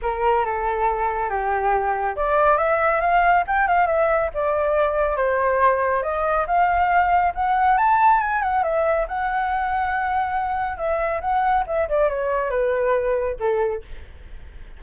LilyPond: \new Staff \with { instrumentName = "flute" } { \time 4/4 \tempo 4 = 139 ais'4 a'2 g'4~ | g'4 d''4 e''4 f''4 | g''8 f''8 e''4 d''2 | c''2 dis''4 f''4~ |
f''4 fis''4 a''4 gis''8 fis''8 | e''4 fis''2.~ | fis''4 e''4 fis''4 e''8 d''8 | cis''4 b'2 a'4 | }